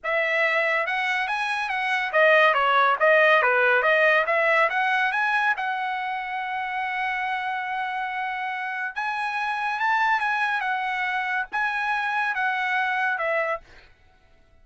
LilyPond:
\new Staff \with { instrumentName = "trumpet" } { \time 4/4 \tempo 4 = 141 e''2 fis''4 gis''4 | fis''4 dis''4 cis''4 dis''4 | b'4 dis''4 e''4 fis''4 | gis''4 fis''2.~ |
fis''1~ | fis''4 gis''2 a''4 | gis''4 fis''2 gis''4~ | gis''4 fis''2 e''4 | }